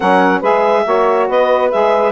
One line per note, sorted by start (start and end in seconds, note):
0.00 0.42 F#3
0.00 0.42 C#4
0.00 0.40 A#4
0.00 0.42 F#5
0.40 0.84 G#3
0.40 0.84 G#4
0.40 0.82 B4
0.40 1.29 E5
0.84 1.28 A#3
0.84 1.70 F#4
0.84 1.29 C#5
1.28 1.71 B3
1.28 2.11 B4
1.28 1.71 D#5
1.71 2.11 G#3
1.71 2.11 G#4
1.71 2.11 E5